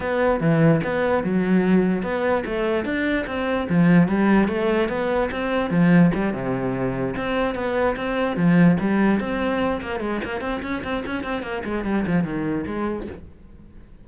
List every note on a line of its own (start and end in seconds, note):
0.00 0.40 B3
0.40 0.81 E3
0.83 1.23 B3
1.23 2.02 F#3
2.02 2.43 B3
2.45 2.85 A3
2.85 3.25 D4
3.27 3.67 C4
3.69 4.07 F3
4.07 4.47 G3
4.47 4.88 A3
4.88 5.29 B3
5.31 5.70 C4
5.70 6.11 F3
6.14 6.33 G3
6.33 7.15 C3
7.16 7.54 C4
7.54 7.95 B3
7.96 8.36 C4
8.36 8.77 F3
8.80 9.19 G3
9.19 9.81 C4
9.81 9.99 A#3
9.99 10.20 G#3
10.24 10.40 A#3
10.40 10.61 C4
10.62 10.82 C#4
10.83 11.04 C4
11.06 11.23 C#4
11.23 11.42 C4
11.42 11.63 A#3
11.64 11.84 G#3
11.85 12.05 G3
12.06 12.24 F3
12.24 12.65 D#3
12.66 13.07 G#3